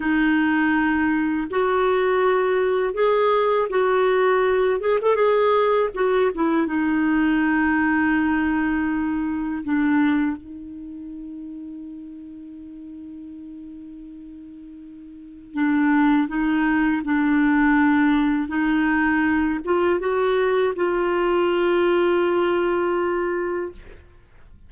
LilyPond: \new Staff \with { instrumentName = "clarinet" } { \time 4/4 \tempo 4 = 81 dis'2 fis'2 | gis'4 fis'4. gis'16 a'16 gis'4 | fis'8 e'8 dis'2.~ | dis'4 d'4 dis'2~ |
dis'1~ | dis'4 d'4 dis'4 d'4~ | d'4 dis'4. f'8 fis'4 | f'1 | }